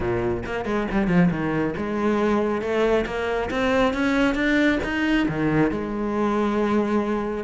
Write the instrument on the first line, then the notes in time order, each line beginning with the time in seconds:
cello
0.00 A#2
0.45 A#3
0.65 G#3
0.91 G3
1.07 F3
1.30 D#3
1.77 G#3
2.61 A3
3.06 A#3
3.50 C4
3.93 C#4
4.35 D4
4.83 D#4
5.28 D#3
5.71 G#3